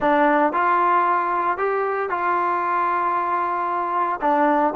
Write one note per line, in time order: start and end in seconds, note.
0.00 0.53 D4
0.53 1.57 F4
1.57 2.09 G4
2.09 4.20 F4
4.21 4.73 D4